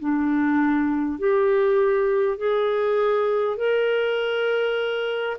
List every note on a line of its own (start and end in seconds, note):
0.00 1.19 D4
1.19 2.38 G4
2.38 3.57 G#4
3.57 5.37 A#4